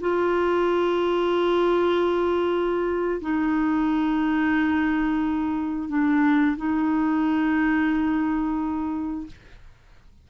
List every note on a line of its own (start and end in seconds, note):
0.00 3.20 F4
3.21 5.88 D#4
5.88 6.56 D4
6.56 9.26 D#4